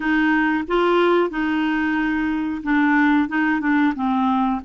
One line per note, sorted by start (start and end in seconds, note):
0.00 0.64 D#4
0.67 1.30 F4
1.30 2.62 D#4
2.63 3.28 D4
3.28 3.60 D#4
3.60 3.93 D4
3.95 4.61 C4